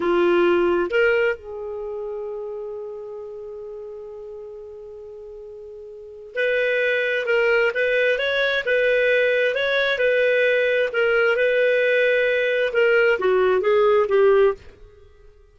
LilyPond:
\new Staff \with { instrumentName = "clarinet" } { \time 4/4 \tempo 4 = 132 f'2 ais'4 gis'4~ | gis'1~ | gis'1~ | gis'2 b'2 |
ais'4 b'4 cis''4 b'4~ | b'4 cis''4 b'2 | ais'4 b'2. | ais'4 fis'4 gis'4 g'4 | }